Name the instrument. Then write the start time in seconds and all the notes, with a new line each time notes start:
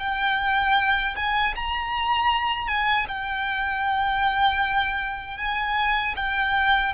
violin
0.00 G5
1.16 G#5
1.56 A#5
2.68 G#5
3.09 G5
5.38 G#5
6.16 G5